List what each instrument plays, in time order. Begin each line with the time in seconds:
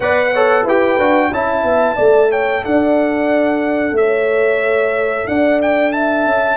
0.00 tuba B3, trombone B4, horn D5, trumpet F#5
0.33 trombone A4, horn C#5
0.63 tuba E4, trombone G4, horn B4, trumpet G5
0.98 tuba D4, trombone F#4
1.31 tuba C#4, trombone E4, horn E5, trumpet A5
1.63 tuba B3
1.96 tuba A3, trombone A4, horn D5
2.30 horn C#5, trumpet G5
2.64 tuba D4, horn D5, trumpet F#5
3.92 tuba A3, trumpet E5
3.98 horn C#5
5.27 tuba D4, horn D5, trumpet F#5
5.62 trumpet G5
5.92 horn E5, trumpet A5
6.26 tuba C#4